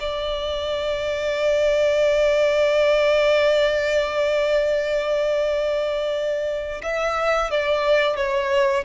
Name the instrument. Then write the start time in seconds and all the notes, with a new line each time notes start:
violin
0.00 D5
6.83 E5
7.51 D5
8.16 C#5